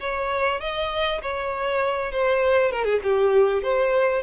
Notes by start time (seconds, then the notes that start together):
0.00 C#5
0.61 D#5
1.22 C#5
2.12 C5
2.72 A#4
2.85 G#4
3.04 G4
3.63 C5